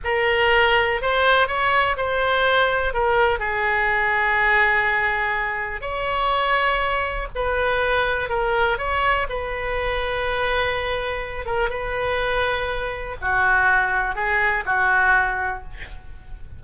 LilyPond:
\new Staff \with { instrumentName = "oboe" } { \time 4/4 \tempo 4 = 123 ais'2 c''4 cis''4 | c''2 ais'4 gis'4~ | gis'1 | cis''2. b'4~ |
b'4 ais'4 cis''4 b'4~ | b'2.~ b'8 ais'8 | b'2. fis'4~ | fis'4 gis'4 fis'2 | }